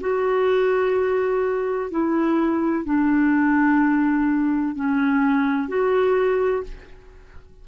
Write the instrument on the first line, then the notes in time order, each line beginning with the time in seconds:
clarinet
0.00 F#4
1.90 E4
2.85 D4
4.75 C#4
5.68 F#4